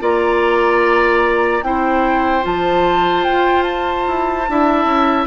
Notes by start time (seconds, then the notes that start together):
0.00 A#3 F4 D5 A#5
1.63 C4 E4 C5 G5
2.42 F3 F4 A5
3.24 F4 G5
3.63 A5
4.08 E4
4.49 D4 E4 E5
4.85 C#4